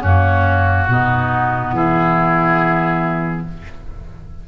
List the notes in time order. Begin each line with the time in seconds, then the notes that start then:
0.00 F#2 A#3 C#4 F#4
0.88 B2 B3 D#4
1.73 E3 E4 G#4